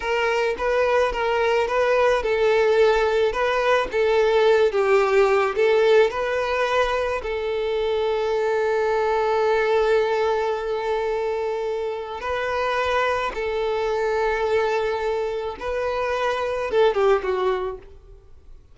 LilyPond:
\new Staff \with { instrumentName = "violin" } { \time 4/4 \tempo 4 = 108 ais'4 b'4 ais'4 b'4 | a'2 b'4 a'4~ | a'8 g'4. a'4 b'4~ | b'4 a'2.~ |
a'1~ | a'2 b'2 | a'1 | b'2 a'8 g'8 fis'4 | }